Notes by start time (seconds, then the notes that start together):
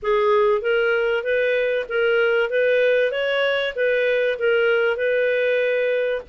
0.02 G#4
0.61 A#4
1.23 B4
1.88 A#4
2.50 B4
3.11 C#5
3.75 B4
4.38 A#4
4.97 B4